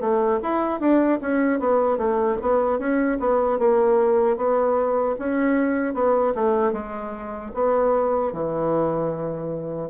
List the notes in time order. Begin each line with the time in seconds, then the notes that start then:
0.00 A3
0.42 E4
0.80 D4
1.21 C#4
1.59 B3
1.97 A3
2.42 B3
2.78 C#4
3.19 B3
3.58 A#3
4.36 B3
5.19 C#4
5.94 B3
6.35 A3
6.72 G#3
7.54 B3
8.33 E3